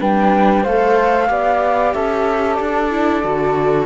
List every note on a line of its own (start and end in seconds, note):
0.00 0.66 G3
0.00 0.65 D4
0.00 0.63 B4
0.00 0.65 G5
0.63 1.30 A3
0.63 1.28 A4
0.63 1.28 C5
0.63 1.94 F5
1.28 1.94 B3
1.28 2.90 G4
1.28 1.96 D5
1.94 2.60 C#4
1.94 3.87 A4
1.94 2.55 E5
2.55 3.24 D4
2.55 3.84 D5
2.90 3.23 E4
3.24 3.87 D3
3.24 3.87 F#4